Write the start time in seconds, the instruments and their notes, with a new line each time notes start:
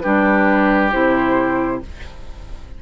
0.00 bassoon G3, clarinet D4, oboe G4, flute B4
0.92 bassoon C3, clarinet E4, flute C5